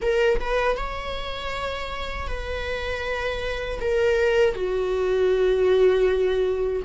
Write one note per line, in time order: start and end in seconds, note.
0.01 0.39 A#4
0.40 0.77 B4
0.77 2.28 C#5
2.28 3.79 B4
3.80 4.54 A#4
4.54 6.82 F#4